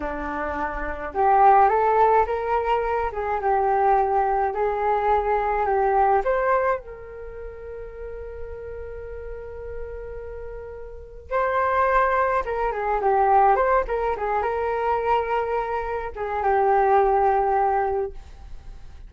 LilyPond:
\new Staff \with { instrumentName = "flute" } { \time 4/4 \tempo 4 = 106 d'2 g'4 a'4 | ais'4. gis'8 g'2 | gis'2 g'4 c''4 | ais'1~ |
ais'1 | c''2 ais'8 gis'8 g'4 | c''8 ais'8 gis'8 ais'2~ ais'8~ | ais'8 gis'8 g'2. | }